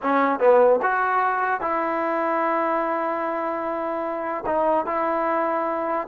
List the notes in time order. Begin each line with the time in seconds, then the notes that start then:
0.02 C#4
0.39 B3
0.82 F#4
1.60 E4
4.46 D#4
4.86 E4